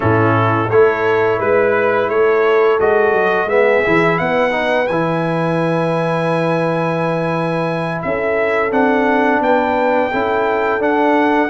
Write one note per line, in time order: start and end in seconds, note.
0.00 0.70 A2
0.00 0.68 C#4
0.00 0.68 E4
0.00 0.70 A4
0.69 1.39 A3
0.69 2.80 E4
0.69 1.37 A4
0.69 1.40 C#5
1.37 2.08 G#3
1.37 2.07 B4
1.37 2.09 B4
2.08 2.78 A3
2.08 3.50 A4
2.08 2.79 C#5
2.80 3.12 G#3
2.80 3.49 F#4
2.80 3.49 D#5
3.12 3.45 F#3
3.45 3.80 G#3
3.45 3.83 B3
3.45 4.19 G#4
3.45 4.18 E5
3.84 4.20 E3
3.84 4.50 E4
4.18 4.89 B3
4.18 8.05 B4
4.18 4.87 F#5
4.50 4.85 D#4
4.87 8.03 E3
4.87 8.71 E4
4.87 8.01 G#5
8.02 8.71 C#4
8.02 9.43 A4
8.02 8.71 E5
8.71 9.39 C4
8.71 10.11 D4
8.71 9.42 F#5
9.39 10.09 B3
9.39 10.11 B4
9.39 10.82 G5
10.11 10.78 C#4
10.11 10.79 E4
10.11 11.49 A4
10.78 11.48 D4
10.78 11.49 D4
10.78 11.49 F#5